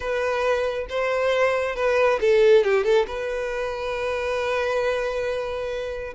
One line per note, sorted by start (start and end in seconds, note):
0.00 0.86 B4
0.89 1.75 C5
1.75 2.19 B4
2.20 2.64 A4
2.64 2.84 G4
2.84 3.06 A4
3.07 6.14 B4